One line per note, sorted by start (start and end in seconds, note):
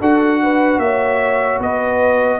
0.00 0.78 D4
0.00 2.39 F#4
0.00 0.40 A4
0.00 0.79 F#5
0.42 0.82 B4
0.78 1.58 A#3
0.78 1.62 C#5
0.78 1.59 E5
1.60 2.39 B3
1.60 2.39 B4
1.60 2.39 D#5